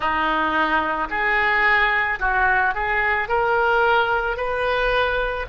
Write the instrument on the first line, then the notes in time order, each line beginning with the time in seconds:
oboe
0.00 D#4
1.10 G#4
2.19 F#4
2.74 G#4
3.28 A#4
4.36 B4